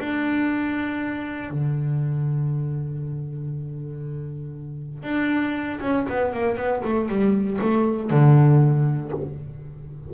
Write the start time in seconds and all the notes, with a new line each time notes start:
0.00 D4
1.51 D3
5.03 D4
5.81 C#4
6.09 B3
6.34 A#3
6.57 B3
6.85 A3
7.09 G3
7.61 A3
8.11 D3